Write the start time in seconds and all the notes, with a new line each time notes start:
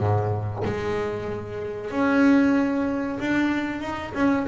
0.00 G#2
0.65 G#3
1.91 C#4
3.20 D4
3.82 D#4
4.15 C#4